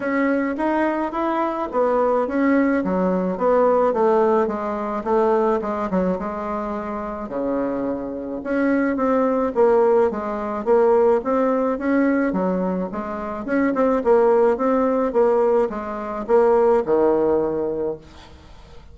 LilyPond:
\new Staff \with { instrumentName = "bassoon" } { \time 4/4 \tempo 4 = 107 cis'4 dis'4 e'4 b4 | cis'4 fis4 b4 a4 | gis4 a4 gis8 fis8 gis4~ | gis4 cis2 cis'4 |
c'4 ais4 gis4 ais4 | c'4 cis'4 fis4 gis4 | cis'8 c'8 ais4 c'4 ais4 | gis4 ais4 dis2 | }